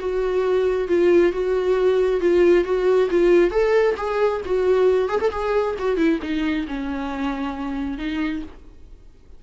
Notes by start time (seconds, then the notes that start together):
0.00 F#4
0.88 F4
1.33 F#4
2.21 F4
2.65 F#4
3.11 F4
3.51 A4
3.97 G#4
4.46 F#4
5.09 G#4
5.21 A4
5.31 G#4
5.79 F#4
5.97 E4
6.22 D#4
6.68 C#4
7.98 D#4